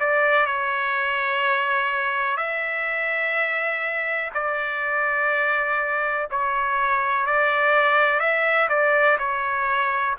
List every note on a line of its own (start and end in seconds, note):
0.00 0.47 D5
0.47 2.38 C#5
2.38 4.31 E5
4.35 6.28 D5
6.31 7.26 C#5
7.26 8.20 D5
8.20 8.68 E5
8.69 9.18 D5
9.19 10.16 C#5